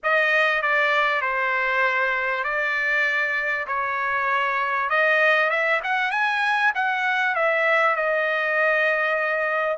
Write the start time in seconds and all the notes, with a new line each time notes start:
0.03 D#5
0.62 D5
1.21 C5
2.44 D5
3.67 C#5
4.89 D#5
5.49 E5
5.83 F#5
6.11 G#5
6.75 F#5
7.35 E5
7.95 D#5